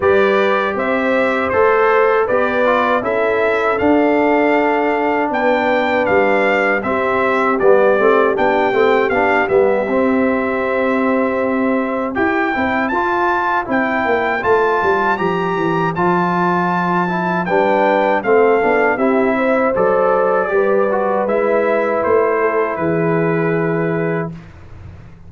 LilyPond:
<<
  \new Staff \with { instrumentName = "trumpet" } { \time 4/4 \tempo 4 = 79 d''4 e''4 c''4 d''4 | e''4 f''2 g''4 | f''4 e''4 d''4 g''4 | f''8 e''2.~ e''8 |
g''4 a''4 g''4 a''4 | ais''4 a''2 g''4 | f''4 e''4 d''2 | e''4 c''4 b'2 | }
  \new Staff \with { instrumentName = "horn" } { \time 4/4 b'4 c''2 b'4 | a'2. b'4~ | b'4 g'2.~ | g'1 |
c''1~ | c''2. b'4 | a'4 g'8 c''4. b'4~ | b'4. a'8 gis'2 | }
  \new Staff \with { instrumentName = "trombone" } { \time 4/4 g'2 a'4 g'8 f'8 | e'4 d'2.~ | d'4 c'4 b8 c'8 d'8 c'8 | d'8 b8 c'2. |
g'8 e'8 f'4 e'4 f'4 | g'4 f'4. e'8 d'4 | c'8 d'8 e'4 a'4 g'8 fis'8 | e'1 | }
  \new Staff \with { instrumentName = "tuba" } { \time 4/4 g4 c'4 a4 b4 | cis'4 d'2 b4 | g4 c'4 g8 a8 b8 a8 | b8 g8 c'2. |
e'8 c'8 f'4 c'8 ais8 a8 g8 | f8 e8 f2 g4 | a8 b8 c'4 fis4 g4 | gis4 a4 e2 | }
>>